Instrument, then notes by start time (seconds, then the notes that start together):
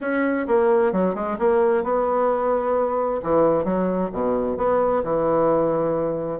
bassoon
0.01 C#4
0.47 A#3
0.92 F#3
1.14 G#3
1.38 A#3
1.83 B3
3.22 E3
3.64 F#3
4.12 B2
4.57 B3
5.03 E3